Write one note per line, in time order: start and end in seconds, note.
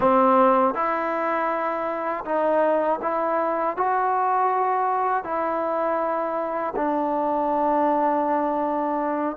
0.00 0.74 C4
0.74 2.24 E4
2.24 2.99 D#4
3.02 3.76 E4
3.76 5.23 F#4
5.23 6.73 E4
6.76 9.36 D4